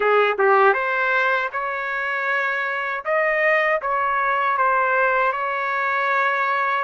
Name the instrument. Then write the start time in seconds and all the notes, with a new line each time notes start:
trumpet
0.00 G#4
0.38 G4
0.73 C5
1.52 C#5
3.04 D#5
3.81 C#5
4.57 C5
5.32 C#5